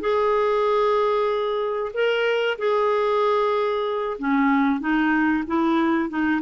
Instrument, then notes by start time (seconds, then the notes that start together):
clarinet
0.00 G#4
1.94 A#4
2.58 G#4
4.18 C#4
4.80 D#4
5.47 E4
6.09 D#4